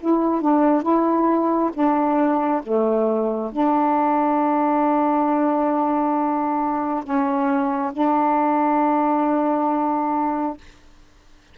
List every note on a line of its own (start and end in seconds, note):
0.00 0.41 E4
0.41 0.83 D4
0.83 1.71 E4
1.74 2.62 D4
2.63 3.51 A3
3.52 7.04 D4
7.04 7.92 C#4
7.93 10.58 D4